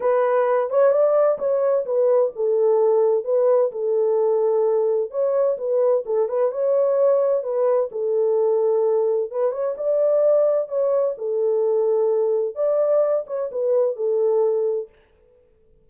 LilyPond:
\new Staff \with { instrumentName = "horn" } { \time 4/4 \tempo 4 = 129 b'4. cis''8 d''4 cis''4 | b'4 a'2 b'4 | a'2. cis''4 | b'4 a'8 b'8 cis''2 |
b'4 a'2. | b'8 cis''8 d''2 cis''4 | a'2. d''4~ | d''8 cis''8 b'4 a'2 | }